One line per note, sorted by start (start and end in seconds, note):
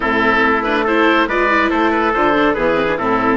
0.00 0.42 A2
0.00 0.63 C4
0.00 0.83 E4
0.00 0.63 A4
0.42 1.27 A3
0.63 0.87 D4
0.63 0.84 B4
0.83 1.29 E4
0.83 1.26 A4
0.83 1.28 C5
1.27 1.70 G#3
1.27 1.49 F4
1.27 1.70 B4
1.27 1.70 D5
1.49 2.13 E4
1.70 2.14 A3
1.70 2.55 A4
1.70 1.91 C5
1.91 2.12 B4
2.13 2.56 D3
2.13 2.34 F4
2.13 2.53 C5
2.34 2.55 D4
2.53 2.99 E3
2.53 2.74 B3
2.53 2.97 G#4
2.53 2.96 B4
2.74 2.85 C4
2.87 2.98 D4
2.98 3.36 A2
2.98 3.36 C4
2.98 3.36 E4
2.98 3.36 A4